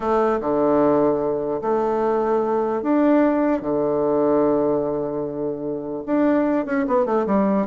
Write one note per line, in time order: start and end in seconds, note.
0.00 0.40 A3
0.40 1.61 D3
1.61 2.82 A3
2.82 3.61 D4
3.61 6.03 D3
6.06 6.65 D4
6.65 6.85 C#4
6.87 7.05 B3
7.05 7.26 A3
7.26 7.66 G3